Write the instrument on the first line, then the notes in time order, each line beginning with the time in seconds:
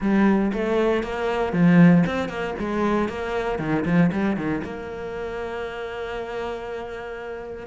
cello
0.00 G3
0.53 A3
1.03 A#3
1.52 F3
2.06 C4
2.28 A#3
2.59 G#3
3.08 A#3
3.59 D#3
3.85 F3
4.12 G3
4.36 D#3
4.64 A#3